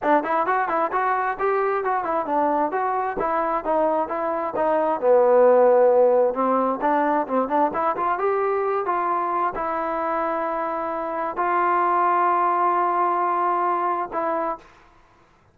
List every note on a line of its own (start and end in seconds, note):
0.02 0.23 D4
0.23 0.46 E4
0.46 0.68 F#4
0.68 0.91 E4
0.92 1.37 F#4
1.39 1.83 G4
1.83 2.04 F#4
2.04 2.26 E4
2.26 2.71 D4
2.71 3.17 F#4
3.19 3.64 E4
3.64 4.08 D#4
4.08 4.54 E4
4.56 5.00 D#4
5.00 6.34 B3
6.34 6.79 C4
6.81 7.26 D4
7.27 7.48 C4
7.48 7.71 D4
7.73 7.96 E4
7.96 8.18 F4
8.18 8.85 G4
8.85 9.53 F4
9.55 11.36 E4
11.36 14.09 F4
14.12 14.58 E4